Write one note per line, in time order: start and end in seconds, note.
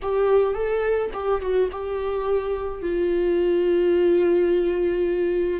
0.02 0.54 G4
0.54 1.10 A4
1.13 1.41 G4
1.41 1.69 F#4
1.71 2.82 G4
2.82 5.60 F4